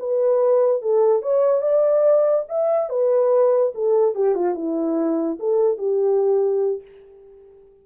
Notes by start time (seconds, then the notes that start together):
0.00 B4
0.82 A4
1.23 C#5
1.62 D5
2.49 E5
2.90 B4
3.75 A4
4.16 G4
4.36 F4
4.55 E4
5.40 A4
5.78 G4